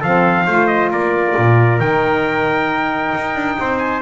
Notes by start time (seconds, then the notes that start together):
0.00 F3 C4 A4 F5
0.46 A3 F4 C5
0.67 D#5
0.91 A#3 A#4 D5
1.37 A#2
1.79 D#3 D#4 G5
3.15 D#4
3.35 D4
3.59 C4 C5
3.79 G#5